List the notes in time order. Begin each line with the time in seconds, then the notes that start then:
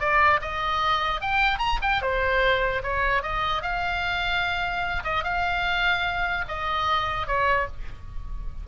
0.00 D5
0.42 D#5
1.21 G5
1.59 A#5
1.82 G5
2.02 C5
2.83 C#5
3.23 D#5
3.62 F5
5.04 D#5
5.24 F5
6.48 D#5
7.27 C#5